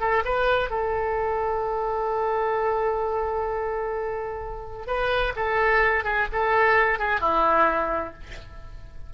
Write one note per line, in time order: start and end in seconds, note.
0.00 0.23 A4
0.25 0.70 B4
0.70 4.87 A4
4.87 5.33 B4
5.36 6.04 A4
6.04 6.27 G#4
6.32 6.99 A4
6.99 7.21 G#4
7.21 8.14 E4